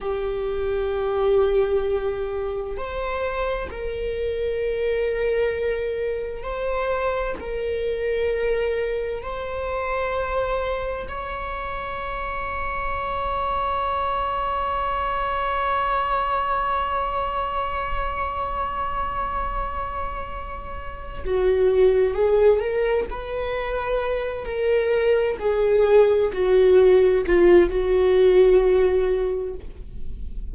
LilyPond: \new Staff \with { instrumentName = "viola" } { \time 4/4 \tempo 4 = 65 g'2. c''4 | ais'2. c''4 | ais'2 c''2 | cis''1~ |
cis''1~ | cis''2. fis'4 | gis'8 ais'8 b'4. ais'4 gis'8~ | gis'8 fis'4 f'8 fis'2 | }